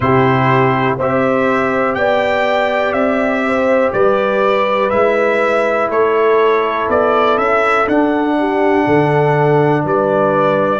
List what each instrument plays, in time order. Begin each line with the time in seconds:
0.00 tuba C3, trombone E4, horn G4, trumpet C5
0.97 tuba C4, trombone G4, horn C5, trumpet E5
1.94 tuba B3, horn D5, trumpet G5
2.92 tuba C4, trumpet E5
3.46 horn C5
3.92 tuba G3, horn B4, trumpet D5
4.90 tuba G#3, trombone E4, trumpet E5
5.89 tuba A3, horn A4, trumpet C#5
6.88 tuba B3, trumpet D5
7.37 tuba C#4, trumpet E5
7.87 tuba D4, trombone D4, trumpet F#5
8.39 horn G4
8.85 tuba D3, horn A4
9.83 tuba G3, horn B4, trumpet D5